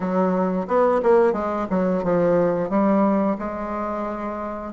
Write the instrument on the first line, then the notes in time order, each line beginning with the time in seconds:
bassoon
0.00 F#3
0.67 B3
1.02 A#3
1.33 G#3
1.70 F#3
2.03 F3
2.69 G3
3.38 G#3